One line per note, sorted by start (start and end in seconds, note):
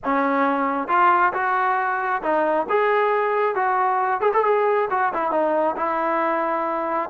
0.04 0.88 C#4
0.88 1.32 F4
1.33 2.22 F#4
2.22 2.66 D#4
2.69 3.55 G#4
3.55 4.20 F#4
4.20 4.32 G#4
4.33 4.44 A4
4.44 4.88 G#4
4.90 5.12 F#4
5.13 5.31 E4
5.31 5.75 D#4
5.76 7.09 E4